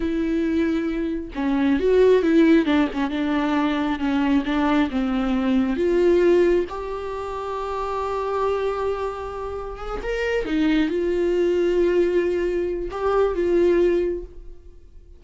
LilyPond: \new Staff \with { instrumentName = "viola" } { \time 4/4 \tempo 4 = 135 e'2. cis'4 | fis'4 e'4 d'8 cis'8 d'4~ | d'4 cis'4 d'4 c'4~ | c'4 f'2 g'4~ |
g'1~ | g'2 gis'8 ais'4 dis'8~ | dis'8 f'2.~ f'8~ | f'4 g'4 f'2 | }